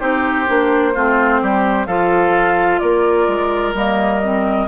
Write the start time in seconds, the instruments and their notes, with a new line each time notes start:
0.00 bassoon C4, clarinet D#4, oboe G4, flute C5
0.47 bassoon A#3, clarinet D4
0.94 bassoon A3, clarinet C4, oboe F4
1.43 bassoon G3, oboe G4
1.87 bassoon F3, clarinet F4, oboe A4, flute F5
2.79 bassoon A#3, oboe A#4, flute D5
3.28 bassoon G#3
3.74 bassoon G3, clarinet A#3, flute D#5
4.23 clarinet C4